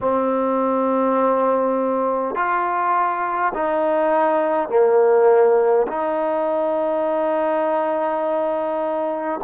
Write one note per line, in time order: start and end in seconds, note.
0.01 2.35 C4
2.35 3.52 F4
3.53 4.69 D#4
4.69 5.87 A#3
5.87 9.40 D#4